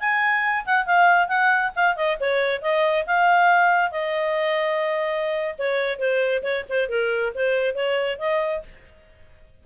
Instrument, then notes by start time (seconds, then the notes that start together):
clarinet
0.00 G#5
0.66 F#5
0.87 F5
1.29 F#5
1.76 F5
1.96 D#5
2.20 C#5
2.62 D#5
3.07 F5
3.92 D#5
5.59 C#5
5.99 C5
6.43 C#5
6.69 C5
6.89 A#4
7.35 C5
7.75 C#5
8.20 D#5